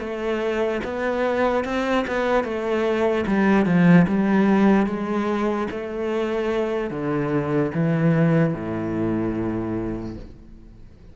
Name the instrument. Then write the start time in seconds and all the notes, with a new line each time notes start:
cello
0.00 A3
0.84 B3
1.65 C4
2.08 B3
2.44 A3
3.27 G3
3.66 F3
4.08 G3
4.87 G#3
5.71 A3
6.91 D3
7.74 E3
8.54 A2